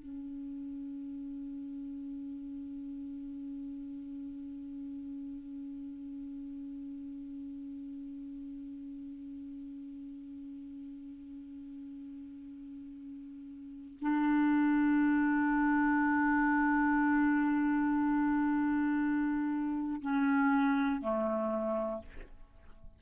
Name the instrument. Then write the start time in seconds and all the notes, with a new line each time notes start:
clarinet
0.00 C#4
14.02 D4
20.02 C#4
21.02 A3